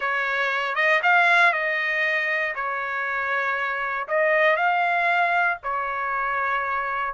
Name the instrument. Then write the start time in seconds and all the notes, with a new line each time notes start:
trumpet
0.00 C#5
0.75 D#5
1.02 F5
1.52 D#5
2.55 C#5
4.08 D#5
4.56 F5
5.63 C#5